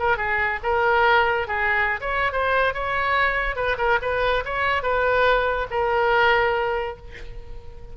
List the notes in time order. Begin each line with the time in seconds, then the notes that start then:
0.00 A#4
0.18 G#4
0.63 A#4
1.48 G#4
2.01 C#5
2.33 C5
2.74 C#5
3.56 B4
3.78 A#4
4.02 B4
4.45 C#5
4.83 B4
5.71 A#4